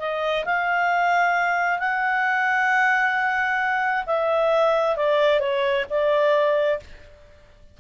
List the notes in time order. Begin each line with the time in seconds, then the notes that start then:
0.00 D#5
0.46 F5
1.80 F#5
4.07 E5
4.97 D5
5.40 C#5
5.90 D5